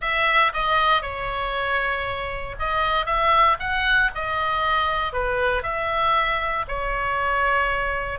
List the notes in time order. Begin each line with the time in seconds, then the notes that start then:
0.01 E5
0.53 D#5
1.02 C#5
2.59 D#5
3.06 E5
3.59 F#5
4.14 D#5
5.12 B4
5.62 E5
6.68 C#5